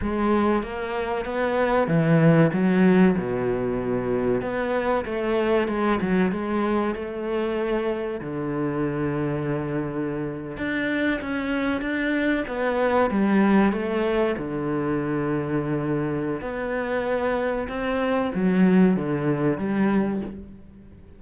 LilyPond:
\new Staff \with { instrumentName = "cello" } { \time 4/4 \tempo 4 = 95 gis4 ais4 b4 e4 | fis4 b,2 b4 | a4 gis8 fis8 gis4 a4~ | a4 d2.~ |
d8. d'4 cis'4 d'4 b16~ | b8. g4 a4 d4~ d16~ | d2 b2 | c'4 fis4 d4 g4 | }